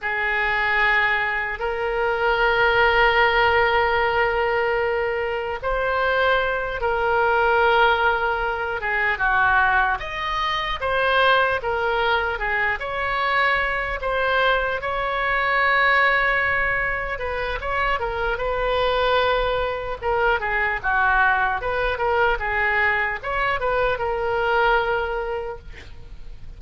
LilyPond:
\new Staff \with { instrumentName = "oboe" } { \time 4/4 \tempo 4 = 75 gis'2 ais'2~ | ais'2. c''4~ | c''8 ais'2~ ais'8 gis'8 fis'8~ | fis'8 dis''4 c''4 ais'4 gis'8 |
cis''4. c''4 cis''4.~ | cis''4. b'8 cis''8 ais'8 b'4~ | b'4 ais'8 gis'8 fis'4 b'8 ais'8 | gis'4 cis''8 b'8 ais'2 | }